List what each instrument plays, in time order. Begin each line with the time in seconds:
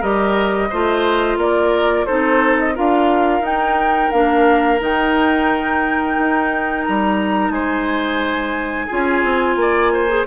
0.00 bassoon G3, clarinet G4, oboe A#4, flute D#5
0.70 bassoon A3, clarinet F4, oboe C5
1.37 bassoon A#3, oboe A#4, flute D5
2.06 bassoon C4, clarinet D#4, oboe A4, flute C5
2.59 flute D#5
2.75 bassoon D4, clarinet F4, oboe A#4, flute F5
3.40 bassoon D#4, clarinet D#4, flute G5
4.11 bassoon A#3, clarinet D4, flute F5
4.79 bassoon D#3, clarinet D#4, flute G5
6.19 bassoon D#4
6.85 bassoon G3, flute A#5
7.50 bassoon G#3, oboe C5, flute G#5
8.87 bassoon C#4, clarinet F4, oboe G#4
9.24 bassoon C4
9.56 bassoon A#3, oboe D5
9.93 oboe C5
10.08 clarinet G#4